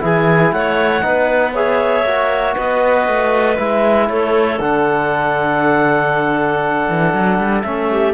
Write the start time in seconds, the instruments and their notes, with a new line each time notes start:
0.00 cello E3, trombone E4, clarinet G#4 G#5
0.52 cello A3, clarinet C#5 F#5
1.02 cello B3, trombone D#4, clarinet B4
1.54 trombone G#4, clarinet C#5 E5
2.04 cello A#3, trombone F#4
2.55 cello B3, clarinet B4 D#5
3.08 cello A3
3.56 cello G#3, trombone E4, clarinet E5
4.09 cello A3, clarinet A4 C#5
4.60 cello D3, trombone D4, clarinet F#5
6.89 cello E3
7.14 cello F#3
7.38 cello G3
7.62 cello A3, trombone C#4, clarinet E5
7.91 clarinet G4